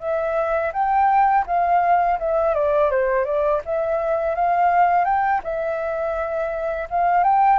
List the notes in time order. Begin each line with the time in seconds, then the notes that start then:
0.00 E5
0.73 G5
1.47 F5
2.19 E5
2.55 D5
2.91 C5
3.25 D5
3.65 E5
4.35 F5
5.05 G5
5.44 E5
6.91 F5
7.24 G5